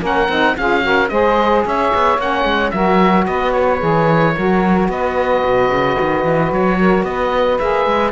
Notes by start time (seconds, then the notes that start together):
0.00 A#3 C#4 A#4 F#5
0.29 C4 D#4
0.57 C#4 F4 G#4 F5
0.82 F#4 A#4
1.09 G#3 G#4 C5 D#5
1.65 C#4 C#5 E5
1.94 B3
2.19 A#3 C#4 F#5
2.45 G#3
2.71 F#3 F#4 A#4 E5
3.25 B3 B4 D#5
3.52 C#5
3.80 E3 G#4
4.36 F#3 F#4 A#4
4.89 B3 B4 D#5
5.45 B2
5.69 C#3
6.01 D#3
6.25 E3
6.52 F#3 C#5
6.79 A#4
7.03 B3 B4 D#5
7.59 A#3 G#4 E5
7.86 G#3